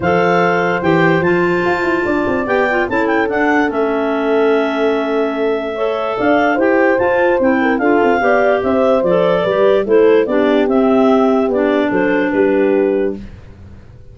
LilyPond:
<<
  \new Staff \with { instrumentName = "clarinet" } { \time 4/4 \tempo 4 = 146 f''2 g''4 a''4~ | a''2 g''4 a''8 g''8 | fis''4 e''2.~ | e''2. f''4 |
g''4 a''4 g''4 f''4~ | f''4 e''4 d''2 | c''4 d''4 e''2 | d''4 c''4 b'2 | }
  \new Staff \with { instrumentName = "horn" } { \time 4/4 c''1~ | c''4 d''2 a'4~ | a'1~ | a'2 cis''4 d''4 |
c''2~ c''8 ais'8 a'4 | d''4 c''2 b'4 | a'4 g'2.~ | g'4 a'4 g'2 | }
  \new Staff \with { instrumentName = "clarinet" } { \time 4/4 a'2 g'4 f'4~ | f'2 g'8 f'8 e'4 | d'4 cis'2.~ | cis'2 a'2 |
g'4 f'4 e'4 f'4 | g'2 a'4 g'4 | e'4 d'4 c'2 | d'1 | }
  \new Staff \with { instrumentName = "tuba" } { \time 4/4 f2 e4 f4 | f'8 e'8 d'8 c'8 b4 cis'4 | d'4 a2.~ | a2. d'4 |
e'4 f'4 c'4 d'8 c'8 | b4 c'4 f4 g4 | a4 b4 c'2 | b4 fis4 g2 | }
>>